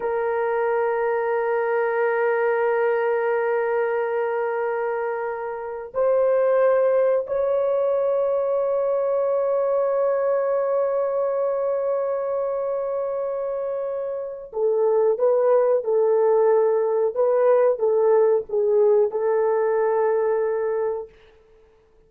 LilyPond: \new Staff \with { instrumentName = "horn" } { \time 4/4 \tempo 4 = 91 ais'1~ | ais'1~ | ais'4 c''2 cis''4~ | cis''1~ |
cis''1~ | cis''2 a'4 b'4 | a'2 b'4 a'4 | gis'4 a'2. | }